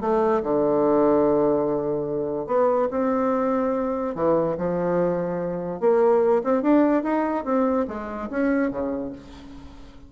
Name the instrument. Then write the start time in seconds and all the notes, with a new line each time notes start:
bassoon
0.00 A3
0.43 D3
2.46 B3
2.90 C4
4.15 E3
4.57 F3
5.80 A#3
6.43 C4
6.62 D4
7.03 D#4
7.44 C4
7.87 G#3
8.30 C#4
8.70 C#3